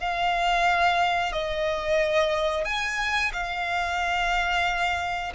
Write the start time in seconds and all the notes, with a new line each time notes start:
0.00 F5
1.32 D#5
2.65 G#5
3.33 F5